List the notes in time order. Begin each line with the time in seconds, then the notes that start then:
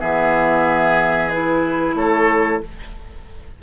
0.00 E3 B3 G#4 E5
1.30 E4 B4
1.95 A3 A4 C#5